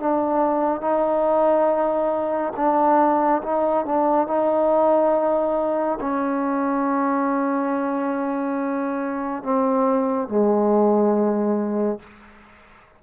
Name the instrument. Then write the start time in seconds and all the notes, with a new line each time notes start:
trombone
0.00 D4
0.81 D#4
2.57 D4
3.43 D#4
3.86 D4
4.28 D#4
6.01 C#4
9.43 C4
10.29 G#3